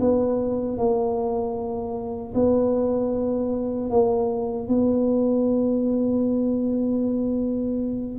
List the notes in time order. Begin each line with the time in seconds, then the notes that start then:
0.00 B3
0.78 A#3
2.34 B3
3.90 A#3
4.68 B3